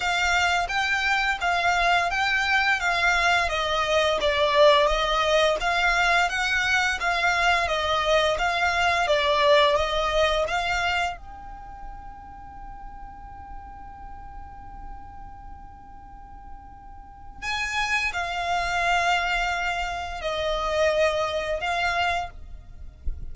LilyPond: \new Staff \with { instrumentName = "violin" } { \time 4/4 \tempo 4 = 86 f''4 g''4 f''4 g''4 | f''4 dis''4 d''4 dis''4 | f''4 fis''4 f''4 dis''4 | f''4 d''4 dis''4 f''4 |
g''1~ | g''1~ | g''4 gis''4 f''2~ | f''4 dis''2 f''4 | }